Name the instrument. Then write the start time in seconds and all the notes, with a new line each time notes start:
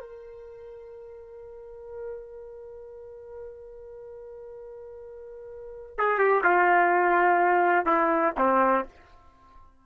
trumpet
0.00 A#4
5.97 G#4
6.18 G4
6.44 F4
7.85 E4
8.38 C4